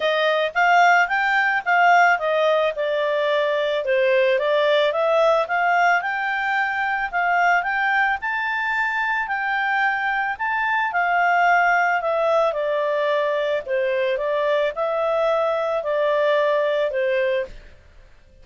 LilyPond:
\new Staff \with { instrumentName = "clarinet" } { \time 4/4 \tempo 4 = 110 dis''4 f''4 g''4 f''4 | dis''4 d''2 c''4 | d''4 e''4 f''4 g''4~ | g''4 f''4 g''4 a''4~ |
a''4 g''2 a''4 | f''2 e''4 d''4~ | d''4 c''4 d''4 e''4~ | e''4 d''2 c''4 | }